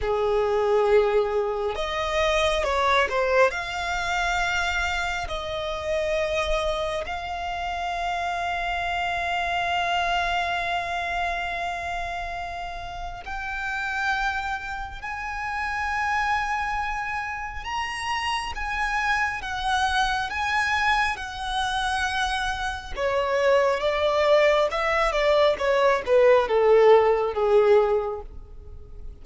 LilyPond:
\new Staff \with { instrumentName = "violin" } { \time 4/4 \tempo 4 = 68 gis'2 dis''4 cis''8 c''8 | f''2 dis''2 | f''1~ | f''2. g''4~ |
g''4 gis''2. | ais''4 gis''4 fis''4 gis''4 | fis''2 cis''4 d''4 | e''8 d''8 cis''8 b'8 a'4 gis'4 | }